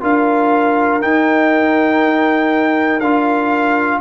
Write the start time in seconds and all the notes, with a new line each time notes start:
0.00 D4 F4 A#4 F5
1.00 D#4 G5
3.00 D4 F4 F5